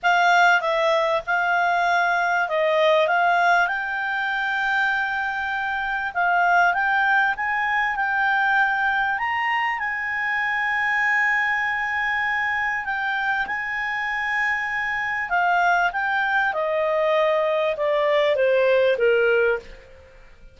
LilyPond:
\new Staff \with { instrumentName = "clarinet" } { \time 4/4 \tempo 4 = 98 f''4 e''4 f''2 | dis''4 f''4 g''2~ | g''2 f''4 g''4 | gis''4 g''2 ais''4 |
gis''1~ | gis''4 g''4 gis''2~ | gis''4 f''4 g''4 dis''4~ | dis''4 d''4 c''4 ais'4 | }